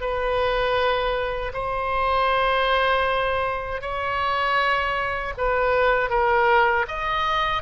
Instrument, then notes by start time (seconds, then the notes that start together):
oboe
0.00 B4
1.53 C5
3.81 C#5
5.37 B4
6.09 A#4
6.87 D#5